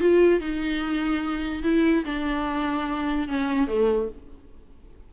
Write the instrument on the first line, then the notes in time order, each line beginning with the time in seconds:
viola
0.00 F4
0.40 D#4
1.63 E4
2.05 D4
3.28 C#4
3.68 A3